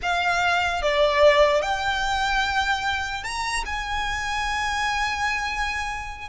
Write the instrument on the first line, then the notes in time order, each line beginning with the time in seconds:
violin
0.02 F5
0.82 D5
1.62 G5
3.23 A#5
3.65 G#5